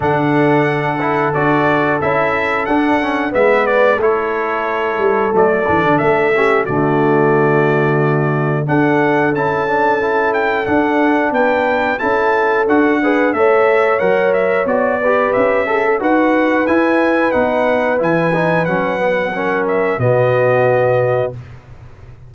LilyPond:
<<
  \new Staff \with { instrumentName = "trumpet" } { \time 4/4 \tempo 4 = 90 fis''2 d''4 e''4 | fis''4 e''8 d''8 cis''2 | d''4 e''4 d''2~ | d''4 fis''4 a''4. g''8 |
fis''4 g''4 a''4 fis''4 | e''4 fis''8 e''8 d''4 e''4 | fis''4 gis''4 fis''4 gis''4 | fis''4. e''8 dis''2 | }
  \new Staff \with { instrumentName = "horn" } { \time 4/4 a'1~ | a'4 b'4 a'2~ | a'4. g'8 fis'2~ | fis'4 a'2.~ |
a'4 b'4 a'4. b'8 | cis''2~ cis''8 b'4 gis'16 a'16 | b'1~ | b'4 ais'4 fis'2 | }
  \new Staff \with { instrumentName = "trombone" } { \time 4/4 d'4. e'8 fis'4 e'4 | d'8 cis'8 b4 e'2 | a8 d'4 cis'8 a2~ | a4 d'4 e'8 d'8 e'4 |
d'2 e'4 fis'8 gis'8 | a'4 ais'4 fis'8 g'4 a'8 | fis'4 e'4 dis'4 e'8 dis'8 | cis'8 b8 cis'4 b2 | }
  \new Staff \with { instrumentName = "tuba" } { \time 4/4 d2 d'4 cis'4 | d'4 gis4 a4. g8 | fis8 e16 d16 a4 d2~ | d4 d'4 cis'2 |
d'4 b4 cis'4 d'4 | a4 fis4 b4 cis'4 | dis'4 e'4 b4 e4 | fis2 b,2 | }
>>